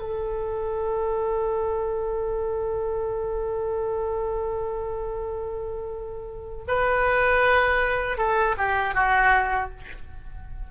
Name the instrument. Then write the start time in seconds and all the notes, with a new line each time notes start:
oboe
0.00 A4
6.68 B4
8.18 A4
8.58 G4
8.95 F#4